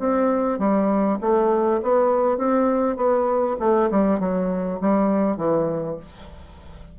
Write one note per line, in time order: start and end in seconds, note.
0.00 0.59 C4
0.59 1.19 G3
1.21 1.81 A3
1.82 2.38 B3
2.38 2.96 C4
2.96 3.56 B3
3.60 3.90 A3
3.91 4.20 G3
4.20 4.80 F#3
4.81 5.37 G3
5.37 5.97 E3